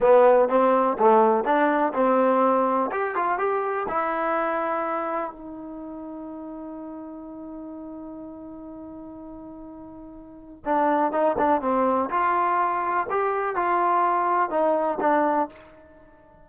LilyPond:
\new Staff \with { instrumentName = "trombone" } { \time 4/4 \tempo 4 = 124 b4 c'4 a4 d'4 | c'2 g'8 f'8 g'4 | e'2. dis'4~ | dis'1~ |
dis'1~ | dis'2 d'4 dis'8 d'8 | c'4 f'2 g'4 | f'2 dis'4 d'4 | }